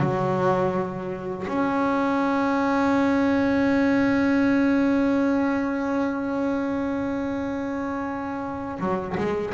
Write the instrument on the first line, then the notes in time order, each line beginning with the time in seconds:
double bass
0.00 F#3
1.47 C#4
8.79 F#3
9.17 G#3